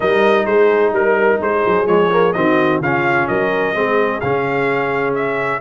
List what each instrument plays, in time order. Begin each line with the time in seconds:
0.00 tuba G3, trombone D#4, horn A#4, trumpet D#5
0.45 tuba G#3, horn G#4, trumpet C5
0.92 tuba G3, trumpet A#4, horn A#4
1.41 tuba G#3, horn G#4, trumpet C5
1.66 tuba F#3
1.86 tuba F3, trombone G#3, trumpet C#5
2.10 trombone A#3
2.33 tuba D#3, trombone C4, horn F#4, trumpet D#5
2.79 tuba C#3, trombone C#4, horn F4, trumpet F5
3.27 tuba F#3, horn A#4, trumpet D#5
3.74 tuba G#3, trombone C4, horn G#4
4.20 tuba C#3, trombone C#4, trumpet F5
5.14 trumpet E5